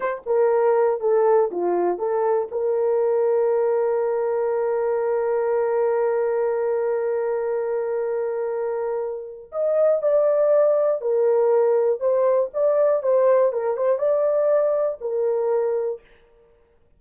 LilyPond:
\new Staff \with { instrumentName = "horn" } { \time 4/4 \tempo 4 = 120 c''8 ais'4. a'4 f'4 | a'4 ais'2.~ | ais'1~ | ais'1~ |
ais'2. dis''4 | d''2 ais'2 | c''4 d''4 c''4 ais'8 c''8 | d''2 ais'2 | }